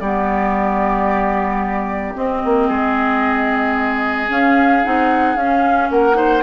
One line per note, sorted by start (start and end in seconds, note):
0.00 2.15 G3
0.00 2.15 B3
0.00 2.67 G4
0.00 2.14 D5
2.15 4.28 C4
2.15 2.43 C4
2.15 4.30 D#5
2.44 2.69 A#3
2.67 4.30 G#3
2.67 5.89 G#4
4.28 4.82 C#4
4.28 4.83 C#4
4.28 4.85 F5
4.84 5.36 C4
4.84 5.38 D#4
4.84 5.36 F#5
5.36 5.89 C#4
5.36 6.14 C#4
5.36 5.90 F5
5.90 6.43 A#3
5.90 6.17 A#4
5.90 6.43 F#5
6.14 6.41 D#4
6.14 6.43 C5